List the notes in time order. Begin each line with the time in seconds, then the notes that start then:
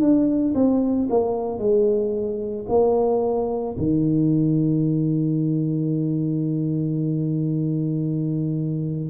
0.00 D4
0.55 C4
1.10 A#3
1.59 G#3
2.68 A#3
3.77 D#3